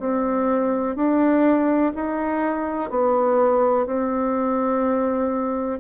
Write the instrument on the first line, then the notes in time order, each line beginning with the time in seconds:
bassoon
0.00 C4
0.96 D4
1.95 D#4
2.90 B3
3.86 C4